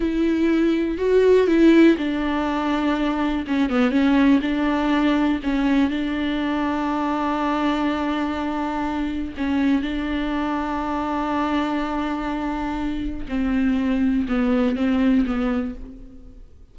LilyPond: \new Staff \with { instrumentName = "viola" } { \time 4/4 \tempo 4 = 122 e'2 fis'4 e'4 | d'2. cis'8 b8 | cis'4 d'2 cis'4 | d'1~ |
d'2. cis'4 | d'1~ | d'2. c'4~ | c'4 b4 c'4 b4 | }